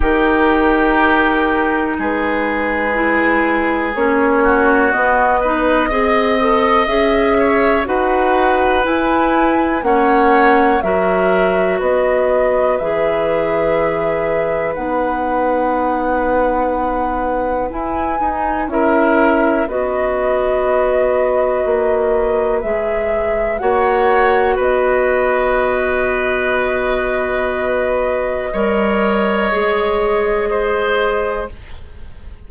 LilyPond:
<<
  \new Staff \with { instrumentName = "flute" } { \time 4/4 \tempo 4 = 61 ais'2 b'2 | cis''4 dis''2 e''4 | fis''4 gis''4 fis''4 e''4 | dis''4 e''2 fis''4~ |
fis''2 gis''4 e''4 | dis''2. e''4 | fis''4 dis''2.~ | dis''1 | }
  \new Staff \with { instrumentName = "oboe" } { \time 4/4 g'2 gis'2~ | gis'8 fis'4 b'8 dis''4. cis''8 | b'2 cis''4 ais'4 | b'1~ |
b'2. ais'4 | b'1 | cis''4 b'2.~ | b'4 cis''2 c''4 | }
  \new Staff \with { instrumentName = "clarinet" } { \time 4/4 dis'2. e'4 | cis'4 b8 dis'8 gis'8 a'8 gis'4 | fis'4 e'4 cis'4 fis'4~ | fis'4 gis'2 dis'4~ |
dis'2 e'8 dis'8 e'4 | fis'2. gis'4 | fis'1~ | fis'4 ais'4 gis'2 | }
  \new Staff \with { instrumentName = "bassoon" } { \time 4/4 dis2 gis2 | ais4 b4 c'4 cis'4 | dis'4 e'4 ais4 fis4 | b4 e2 b4~ |
b2 e'8 dis'8 cis'4 | b2 ais4 gis4 | ais4 b2.~ | b4 g4 gis2 | }
>>